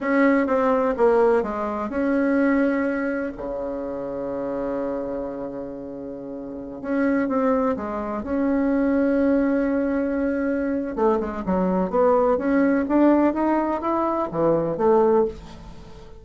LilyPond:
\new Staff \with { instrumentName = "bassoon" } { \time 4/4 \tempo 4 = 126 cis'4 c'4 ais4 gis4 | cis'2. cis4~ | cis1~ | cis2~ cis16 cis'4 c'8.~ |
c'16 gis4 cis'2~ cis'8.~ | cis'2. a8 gis8 | fis4 b4 cis'4 d'4 | dis'4 e'4 e4 a4 | }